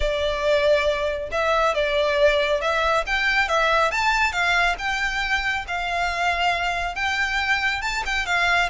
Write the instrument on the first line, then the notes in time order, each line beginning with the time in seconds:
violin
0.00 D5
1.31 E5
1.74 D5
2.61 E5
3.06 G5
3.48 E5
3.91 A5
4.32 F5
4.78 G5
5.67 F5
6.95 G5
7.81 A5
8.05 G5
8.25 F5